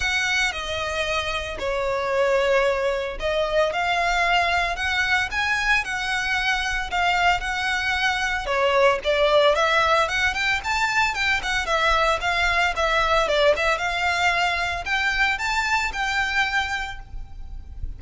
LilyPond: \new Staff \with { instrumentName = "violin" } { \time 4/4 \tempo 4 = 113 fis''4 dis''2 cis''4~ | cis''2 dis''4 f''4~ | f''4 fis''4 gis''4 fis''4~ | fis''4 f''4 fis''2 |
cis''4 d''4 e''4 fis''8 g''8 | a''4 g''8 fis''8 e''4 f''4 | e''4 d''8 e''8 f''2 | g''4 a''4 g''2 | }